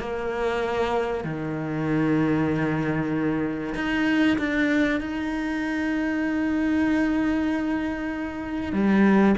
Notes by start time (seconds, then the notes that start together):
0.00 A#3
1.25 D#3
3.75 D#4
4.39 D4
5.01 D#4
8.73 G3